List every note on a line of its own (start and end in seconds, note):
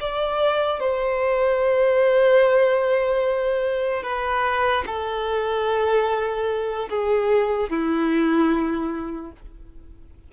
0.00 0.80 D5
0.80 4.03 C5
4.03 4.84 B4
4.86 6.89 A4
6.90 7.70 G#4
7.70 9.32 E4